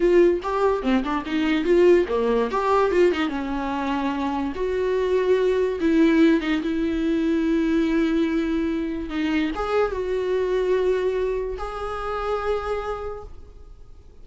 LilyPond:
\new Staff \with { instrumentName = "viola" } { \time 4/4 \tempo 4 = 145 f'4 g'4 c'8 d'8 dis'4 | f'4 ais4 g'4 f'8 dis'8 | cis'2. fis'4~ | fis'2 e'4. dis'8 |
e'1~ | e'2 dis'4 gis'4 | fis'1 | gis'1 | }